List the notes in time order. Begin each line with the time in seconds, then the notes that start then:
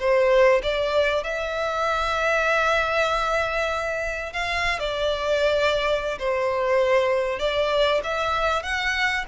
0.00 C5
0.63 D5
1.24 E5
4.33 F5
4.79 D5
6.19 C5
7.39 D5
8.04 E5
8.63 F#5